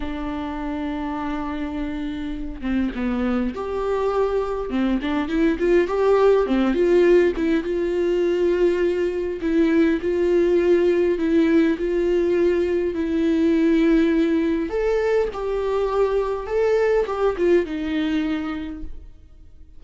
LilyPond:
\new Staff \with { instrumentName = "viola" } { \time 4/4 \tempo 4 = 102 d'1~ | d'8 c'8 b4 g'2 | c'8 d'8 e'8 f'8 g'4 c'8 f'8~ | f'8 e'8 f'2. |
e'4 f'2 e'4 | f'2 e'2~ | e'4 a'4 g'2 | a'4 g'8 f'8 dis'2 | }